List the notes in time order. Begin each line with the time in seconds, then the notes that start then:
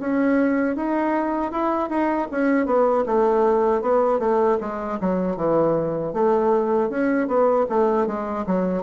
0.00 C#4
0.76 D#4
1.52 E4
1.90 D#4
2.31 C#4
2.66 B3
3.06 A3
3.82 B3
4.20 A3
4.60 G#3
5.01 F#3
5.36 E3
6.13 A3
6.90 C#4
7.28 B3
7.70 A3
8.07 G#3
8.47 F#3